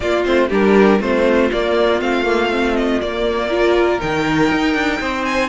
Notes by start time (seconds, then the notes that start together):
0.00 A#3 F4 D5
0.24 A3 C4 C5
0.48 G3 D4 G4 A#4
0.99 A3 C4 F4 C5
1.52 A#3 D5
1.99 A3 C4 F5
2.24 A#3
2.50 C4
2.76 D#5
3.00 A#3 D5
3.48 F4 A#4
3.99 D#3 D#4 G5
4.51 D#4
4.74 D4
5.00 C4 C5
5.25 G#5